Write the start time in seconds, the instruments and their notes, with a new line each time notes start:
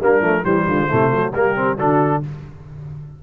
0.00 tuba G3, trombone A#3, horn D4, trumpet A#4
0.21 tuba F3, trombone A3
0.43 tuba E3, trombone G3, horn G4, trumpet C5
0.68 tuba D3, horn F4
0.89 tuba C3, trombone A3, horn E4
1.11 tuba F#3, horn F#4
1.33 tuba G3, trombone A#3, horn G4, trumpet A#4
1.56 trombone C4
1.76 tuba D3, trombone D4, horn F#4, trumpet A4